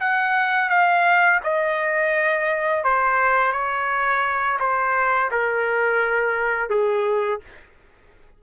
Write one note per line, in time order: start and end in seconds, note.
0.00 0.69 F#5
0.69 1.40 F5
1.44 2.84 D#5
2.84 3.52 C5
3.52 4.58 C#5
4.60 5.30 C5
5.31 6.70 A#4
6.70 7.40 G#4